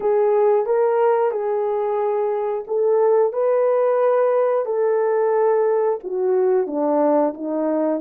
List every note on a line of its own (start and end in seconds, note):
0.00 0.65 G#4
0.65 1.31 A#4
1.31 2.64 G#4
2.67 3.32 A4
3.32 4.65 B4
4.65 5.98 A4
6.03 6.67 F#4
6.67 7.33 D4
7.34 8.00 D#4